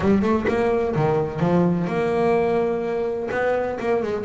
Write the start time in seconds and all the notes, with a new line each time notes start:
0.00 G3
0.22 A3
0.47 A#3
0.95 D#3
1.40 F3
1.87 A#3
3.31 B3
3.79 A#3
4.02 G#3